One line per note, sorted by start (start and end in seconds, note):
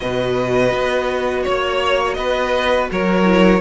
0.00 0.73 B2
0.00 3.24 F#4
0.00 1.42 B4
0.00 1.45 D#5
0.73 1.45 B3
1.42 2.17 A#3
1.42 2.15 C#5
1.42 2.14 C#5
2.14 2.90 B3
2.14 2.90 B4
2.14 2.86 D#5
2.91 3.60 F#3
2.91 3.60 A#4
2.91 3.60 C#5
3.24 3.60 E4